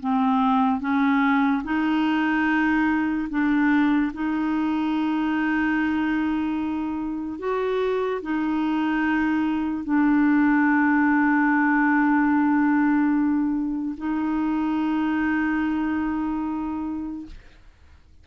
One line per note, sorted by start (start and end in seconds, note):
0.00 0.80 C4
0.80 1.63 C#4
1.64 3.28 D#4
3.30 4.12 D4
4.14 7.39 D#4
7.39 8.21 F#4
8.22 9.84 D#4
9.84 13.95 D4
13.97 17.26 D#4